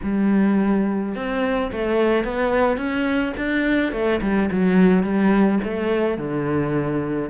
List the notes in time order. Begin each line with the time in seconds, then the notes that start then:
0.03 G3
1.15 C4
1.72 A3
2.24 B3
2.77 C#4
3.37 D4
3.92 A3
4.21 G3
4.51 F#3
5.03 G3
5.63 A3
6.17 D3